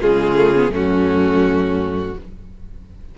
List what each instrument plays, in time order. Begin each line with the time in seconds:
0.00 cello C#3, viola G#3, violin F4 G#4
0.36 viola A3
0.55 viola B3
0.69 cello F#2, viola A3, violin C#4
0.75 violin F#4